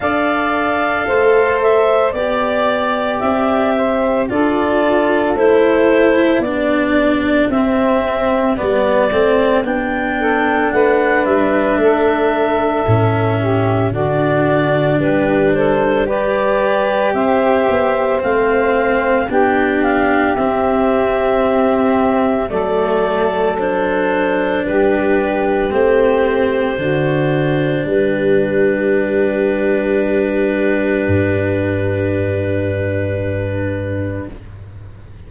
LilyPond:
<<
  \new Staff \with { instrumentName = "clarinet" } { \time 4/4 \tempo 4 = 56 f''4. e''8 d''4 e''4 | d''4 c''4 d''4 e''4 | d''4 g''4 fis''8 e''4.~ | e''4 d''4 b'8 c''8 d''4 |
e''4 f''4 g''8 f''8 e''4~ | e''4 d''4 c''4 b'4 | c''2 b'2~ | b'1 | }
  \new Staff \with { instrumentName = "saxophone" } { \time 4/4 d''4 c''4 d''4. c''8 | a'2 g'2~ | g'4. a'8 b'4 a'4~ | a'8 g'8 fis'4 g'8 a'8 b'4 |
c''2 g'2~ | g'4 a'2 g'4~ | g'4 fis'4 g'2~ | g'1 | }
  \new Staff \with { instrumentName = "cello" } { \time 4/4 a'2 g'2 | f'4 e'4 d'4 c'4 | b8 c'8 d'2. | cis'4 d'2 g'4~ |
g'4 c'4 d'4 c'4~ | c'4 a4 d'2 | c'4 d'2.~ | d'1 | }
  \new Staff \with { instrumentName = "tuba" } { \time 4/4 d'4 a4 b4 c'4 | d'4 a4 b4 c'4 | g8 a8 b4 a8 g8 a4 | a,4 d4 g2 |
c'8 b8 a4 b4 c'4~ | c'4 fis2 g4 | a4 d4 g2~ | g4 g,2. | }
>>